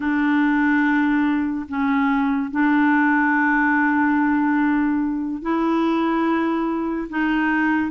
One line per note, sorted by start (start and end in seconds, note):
0.00 1.66 D4
1.68 2.50 C#4
2.50 5.42 D4
5.42 7.08 E4
7.09 7.91 D#4